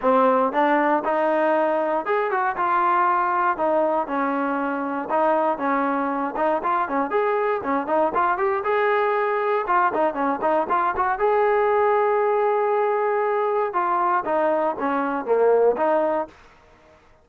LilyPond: \new Staff \with { instrumentName = "trombone" } { \time 4/4 \tempo 4 = 118 c'4 d'4 dis'2 | gis'8 fis'8 f'2 dis'4 | cis'2 dis'4 cis'4~ | cis'8 dis'8 f'8 cis'8 gis'4 cis'8 dis'8 |
f'8 g'8 gis'2 f'8 dis'8 | cis'8 dis'8 f'8 fis'8 gis'2~ | gis'2. f'4 | dis'4 cis'4 ais4 dis'4 | }